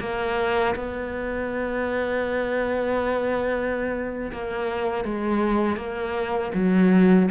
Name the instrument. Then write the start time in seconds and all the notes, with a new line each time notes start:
cello
0.00 A#3
0.75 B3
4.32 A#3
5.05 G#3
5.76 A#3
6.54 F#3